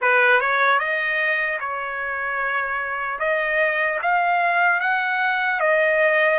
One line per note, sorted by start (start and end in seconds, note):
0.01 0.40 B4
0.40 0.79 C#5
0.79 1.59 D#5
1.60 3.19 C#5
3.19 3.99 D#5
4.02 4.80 F5
4.80 5.60 F#5
5.60 6.39 D#5